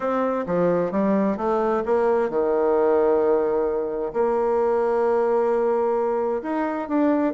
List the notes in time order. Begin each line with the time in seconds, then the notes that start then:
0.00 C4
0.46 F3
0.91 G3
1.37 A3
1.85 A#3
2.29 D#3
4.13 A#3
6.42 D#4
6.88 D4